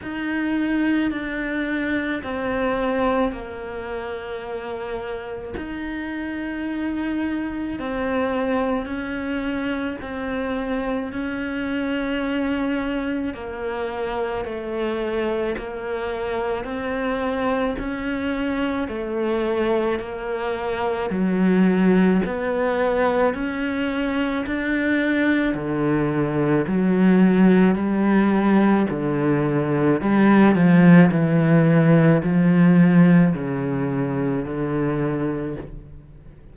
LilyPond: \new Staff \with { instrumentName = "cello" } { \time 4/4 \tempo 4 = 54 dis'4 d'4 c'4 ais4~ | ais4 dis'2 c'4 | cis'4 c'4 cis'2 | ais4 a4 ais4 c'4 |
cis'4 a4 ais4 fis4 | b4 cis'4 d'4 d4 | fis4 g4 d4 g8 f8 | e4 f4 cis4 d4 | }